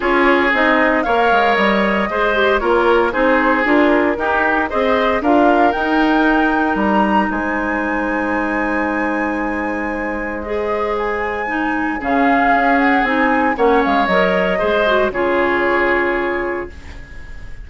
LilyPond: <<
  \new Staff \with { instrumentName = "flute" } { \time 4/4 \tempo 4 = 115 cis''4 dis''4 f''4 dis''4~ | dis''4 cis''4 c''4 ais'4~ | ais'4 dis''4 f''4 g''4~ | g''4 ais''4 gis''2~ |
gis''1 | dis''4 gis''2 f''4~ | f''8 fis''8 gis''4 fis''8 f''8 dis''4~ | dis''4 cis''2. | }
  \new Staff \with { instrumentName = "oboe" } { \time 4/4 gis'2 cis''2 | c''4 ais'4 gis'2 | g'4 c''4 ais'2~ | ais'2 c''2~ |
c''1~ | c''2. gis'4~ | gis'2 cis''2 | c''4 gis'2. | }
  \new Staff \with { instrumentName = "clarinet" } { \time 4/4 f'4 dis'4 ais'2 | gis'8 g'8 f'4 dis'4 f'4 | dis'4 gis'4 f'4 dis'4~ | dis'1~ |
dis'1 | gis'2 dis'4 cis'4~ | cis'4 dis'4 cis'4 ais'4 | gis'8 fis'8 f'2. | }
  \new Staff \with { instrumentName = "bassoon" } { \time 4/4 cis'4 c'4 ais8 gis8 g4 | gis4 ais4 c'4 d'4 | dis'4 c'4 d'4 dis'4~ | dis'4 g4 gis2~ |
gis1~ | gis2. cis4 | cis'4 c'4 ais8 gis8 fis4 | gis4 cis2. | }
>>